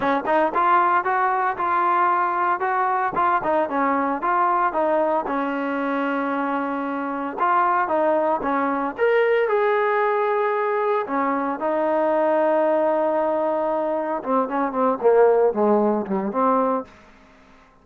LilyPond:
\new Staff \with { instrumentName = "trombone" } { \time 4/4 \tempo 4 = 114 cis'8 dis'8 f'4 fis'4 f'4~ | f'4 fis'4 f'8 dis'8 cis'4 | f'4 dis'4 cis'2~ | cis'2 f'4 dis'4 |
cis'4 ais'4 gis'2~ | gis'4 cis'4 dis'2~ | dis'2. c'8 cis'8 | c'8 ais4 gis4 g8 c'4 | }